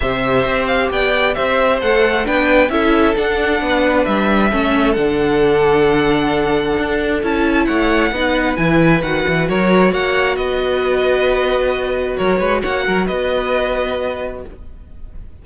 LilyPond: <<
  \new Staff \with { instrumentName = "violin" } { \time 4/4 \tempo 4 = 133 e''4. f''8 g''4 e''4 | fis''4 g''4 e''4 fis''4~ | fis''4 e''2 fis''4~ | fis''1 |
a''4 fis''2 gis''4 | fis''4 cis''4 fis''4 dis''4~ | dis''2. cis''4 | fis''4 dis''2. | }
  \new Staff \with { instrumentName = "violin" } { \time 4/4 c''2 d''4 c''4~ | c''4 b'4 a'2 | b'2 a'2~ | a'1~ |
a'4 cis''4 b'2~ | b'4 ais'4 cis''4 b'4~ | b'2. ais'8 b'8 | cis''8 ais'8 b'2. | }
  \new Staff \with { instrumentName = "viola" } { \time 4/4 g'1 | a'4 d'4 e'4 d'4~ | d'2 cis'4 d'4~ | d'1 |
e'2 dis'4 e'4 | fis'1~ | fis'1~ | fis'1 | }
  \new Staff \with { instrumentName = "cello" } { \time 4/4 c4 c'4 b4 c'4 | a4 b4 cis'4 d'4 | b4 g4 a4 d4~ | d2. d'4 |
cis'4 a4 b4 e4 | dis8 e8 fis4 ais4 b4~ | b2. fis8 gis8 | ais8 fis8 b2. | }
>>